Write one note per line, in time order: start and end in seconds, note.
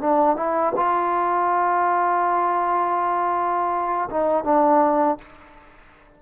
0.00 0.36 D4
0.36 0.73 E4
0.76 4.09 F4
4.10 4.44 D#4
4.44 5.18 D4